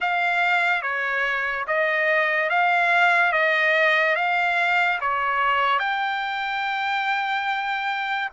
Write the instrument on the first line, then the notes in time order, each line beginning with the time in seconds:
trumpet
0.00 F5
0.82 C#5
1.67 D#5
2.49 F5
3.32 D#5
4.15 F5
5.00 C#5
5.79 G5